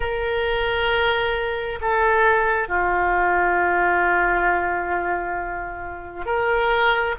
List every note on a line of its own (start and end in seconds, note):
0.00 1.79 A#4
1.81 2.68 A4
2.68 6.25 F4
6.25 7.15 A#4